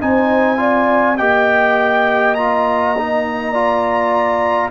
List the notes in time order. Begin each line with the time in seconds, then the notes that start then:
0.00 C4 D#4 C5 G#5
0.56 F4 D5
1.17 A#3 G4 D#5 G5
2.34 F4 A#5
2.98 D#4
3.51 F4 D5